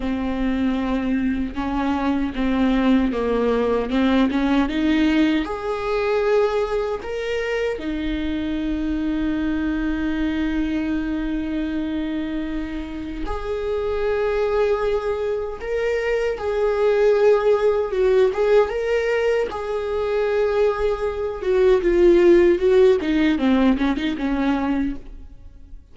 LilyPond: \new Staff \with { instrumentName = "viola" } { \time 4/4 \tempo 4 = 77 c'2 cis'4 c'4 | ais4 c'8 cis'8 dis'4 gis'4~ | gis'4 ais'4 dis'2~ | dis'1~ |
dis'4 gis'2. | ais'4 gis'2 fis'8 gis'8 | ais'4 gis'2~ gis'8 fis'8 | f'4 fis'8 dis'8 c'8 cis'16 dis'16 cis'4 | }